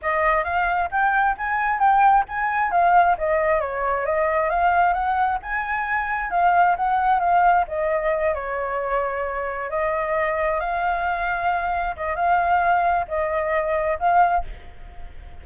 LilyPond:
\new Staff \with { instrumentName = "flute" } { \time 4/4 \tempo 4 = 133 dis''4 f''4 g''4 gis''4 | g''4 gis''4 f''4 dis''4 | cis''4 dis''4 f''4 fis''4 | gis''2 f''4 fis''4 |
f''4 dis''4. cis''4.~ | cis''4. dis''2 f''8~ | f''2~ f''8 dis''8 f''4~ | f''4 dis''2 f''4 | }